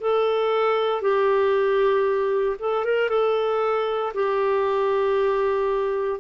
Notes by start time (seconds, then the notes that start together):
0.00 A4
1.01 G4
2.59 A4
2.84 A#4
3.09 A4
4.14 G4